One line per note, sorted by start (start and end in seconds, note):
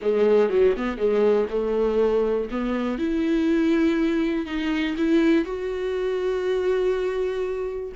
0.01 0.49 G#3
0.49 0.74 F#3
0.76 0.97 B3
0.97 1.47 G#3
1.50 2.49 A3
2.50 2.98 B3
2.98 4.46 E4
4.46 4.95 D#4
4.97 5.44 E4
5.44 7.92 F#4